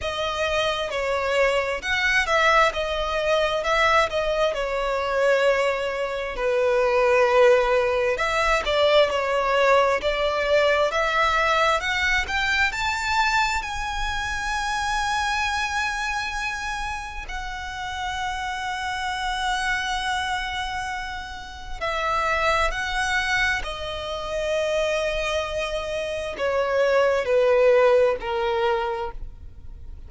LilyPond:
\new Staff \with { instrumentName = "violin" } { \time 4/4 \tempo 4 = 66 dis''4 cis''4 fis''8 e''8 dis''4 | e''8 dis''8 cis''2 b'4~ | b'4 e''8 d''8 cis''4 d''4 | e''4 fis''8 g''8 a''4 gis''4~ |
gis''2. fis''4~ | fis''1 | e''4 fis''4 dis''2~ | dis''4 cis''4 b'4 ais'4 | }